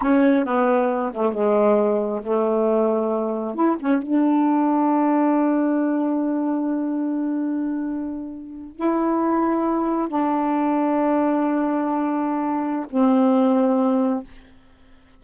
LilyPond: \new Staff \with { instrumentName = "saxophone" } { \time 4/4 \tempo 4 = 135 cis'4 b4. a8 gis4~ | gis4 a2. | e'8 cis'8 d'2.~ | d'1~ |
d'2.~ d'8. e'16~ | e'2~ e'8. d'4~ d'16~ | d'1~ | d'4 c'2. | }